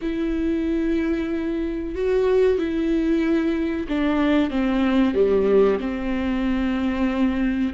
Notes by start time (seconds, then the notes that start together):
0.01 E4
1.95 F#4
2.58 E4
3.88 D4
4.50 C4
5.14 G3
5.80 C4